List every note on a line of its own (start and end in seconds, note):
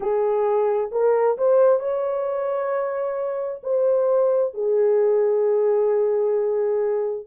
0.00 0.90 G#4
0.91 1.37 A#4
1.37 1.79 C5
1.79 3.61 C#5
3.63 4.54 C5
4.54 7.26 G#4